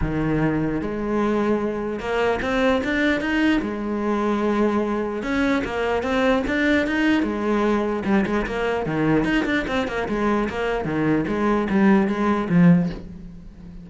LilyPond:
\new Staff \with { instrumentName = "cello" } { \time 4/4 \tempo 4 = 149 dis2 gis2~ | gis4 ais4 c'4 d'4 | dis'4 gis2.~ | gis4 cis'4 ais4 c'4 |
d'4 dis'4 gis2 | g8 gis8 ais4 dis4 dis'8 d'8 | c'8 ais8 gis4 ais4 dis4 | gis4 g4 gis4 f4 | }